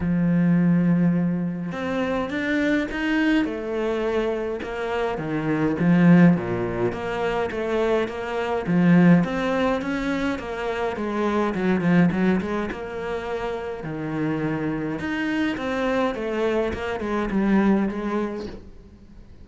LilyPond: \new Staff \with { instrumentName = "cello" } { \time 4/4 \tempo 4 = 104 f2. c'4 | d'4 dis'4 a2 | ais4 dis4 f4 ais,4 | ais4 a4 ais4 f4 |
c'4 cis'4 ais4 gis4 | fis8 f8 fis8 gis8 ais2 | dis2 dis'4 c'4 | a4 ais8 gis8 g4 gis4 | }